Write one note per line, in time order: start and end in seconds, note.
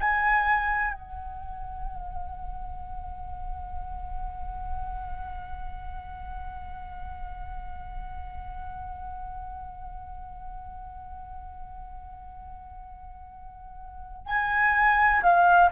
0.00 0.94 G#5
0.94 14.26 F#5
14.26 15.21 G#5
15.22 15.70 F5